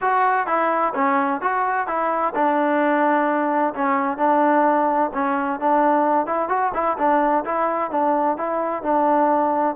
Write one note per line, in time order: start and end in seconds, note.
0.01 0.46 F#4
0.46 0.93 E4
0.94 1.41 C#4
1.41 1.87 F#4
1.87 2.33 E4
2.34 3.74 D4
3.74 4.17 C#4
4.17 5.10 D4
5.13 5.60 C#4
5.60 6.26 D4
6.26 6.49 E4
6.49 6.72 F#4
6.74 6.97 E4
6.98 7.44 D4
7.44 7.90 E4
7.90 8.37 D4
8.37 8.82 E4
8.82 9.75 D4